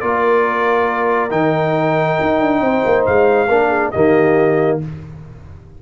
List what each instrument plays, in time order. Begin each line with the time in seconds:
0.00 tuba A#3, trombone F4, horn A#4, trumpet D5
1.30 tuba D#3, trombone D#4, trumpet G5
2.21 tuba D#4
2.40 tuba D4
2.61 tuba C4, horn C5
2.85 tuba A#3
3.06 tuba G#3, trumpet F5
3.48 tuba A#3, trombone D4, horn A#4
3.68 horn G#4
3.91 tuba D#3, trombone A#3, horn G4, trumpet D#5